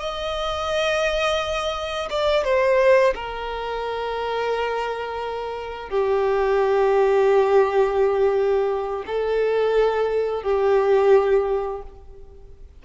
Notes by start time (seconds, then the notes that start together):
0.00 D#5
2.10 D5
2.44 C5
3.15 A#4
5.90 G4
9.07 A4
10.43 G4